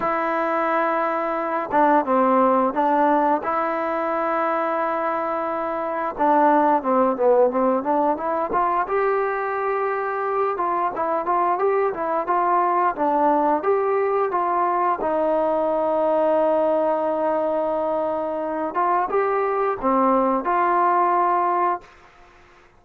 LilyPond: \new Staff \with { instrumentName = "trombone" } { \time 4/4 \tempo 4 = 88 e'2~ e'8 d'8 c'4 | d'4 e'2.~ | e'4 d'4 c'8 b8 c'8 d'8 | e'8 f'8 g'2~ g'8 f'8 |
e'8 f'8 g'8 e'8 f'4 d'4 | g'4 f'4 dis'2~ | dis'2.~ dis'8 f'8 | g'4 c'4 f'2 | }